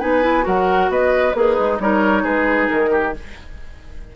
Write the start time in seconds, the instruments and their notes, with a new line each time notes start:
0.00 bassoon B3, clarinet D#4, oboe B4, flute G#5
0.22 clarinet E4
0.42 bassoon F#3, clarinet F#4, oboe A#4, flute F#5
0.89 bassoon B3, oboe B4, flute D#5
1.33 bassoon A#3, oboe D#4, clarinet G#4, flute B4
1.59 bassoon G#3
1.80 bassoon G3, clarinet D#4, oboe A#4, flute C#5
2.23 bassoon G#3, oboe G#4, flute B4
2.69 bassoon D#3, flute A#4
2.91 oboe G4